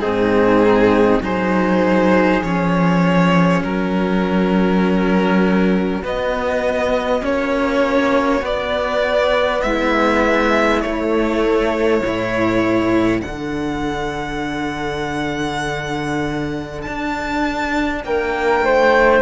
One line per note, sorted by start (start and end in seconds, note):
0.00 1.20 G#2
0.00 1.22 C4
0.00 1.21 D#4
0.00 1.20 G#4
1.20 2.40 F#3
1.20 2.42 D#4
1.20 3.62 G#4
1.20 2.42 C5
2.42 3.62 F3
2.42 6.03 C#4
2.42 3.62 C#5
3.62 6.02 F#3
3.62 9.62 F#4
3.62 6.03 A#4
6.02 7.22 B3
6.02 7.25 D#5
7.22 8.42 A#3
7.22 8.41 C#4
7.22 8.45 C#5
8.41 10.81 B3
8.41 9.62 B3
8.41 9.62 D5
9.62 10.84 G#3
9.62 12.04 E4
9.62 10.81 E5
10.81 12.02 A3
10.81 12.01 A3
10.81 13.21 C#5
12.01 13.21 A2
12.01 13.22 E4
12.01 18.04 A4
13.21 16.86 D3
13.21 19.22 D4
13.21 16.81 F#5
16.82 18.04 D4
16.82 18.02 A5
18.04 18.61 A#3
18.04 18.65 A#4
18.04 19.22 G5
18.61 19.21 A3
18.61 19.22 C5